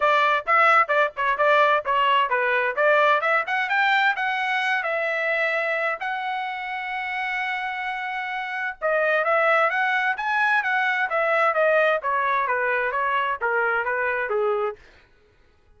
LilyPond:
\new Staff \with { instrumentName = "trumpet" } { \time 4/4 \tempo 4 = 130 d''4 e''4 d''8 cis''8 d''4 | cis''4 b'4 d''4 e''8 fis''8 | g''4 fis''4. e''4.~ | e''4 fis''2.~ |
fis''2. dis''4 | e''4 fis''4 gis''4 fis''4 | e''4 dis''4 cis''4 b'4 | cis''4 ais'4 b'4 gis'4 | }